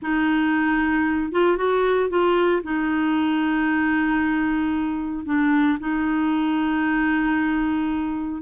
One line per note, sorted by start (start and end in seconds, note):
0.01 1.32 D#4
1.32 1.57 F4
1.57 2.09 F#4
2.09 2.62 F4
2.63 5.25 D#4
5.25 5.78 D4
5.79 8.42 D#4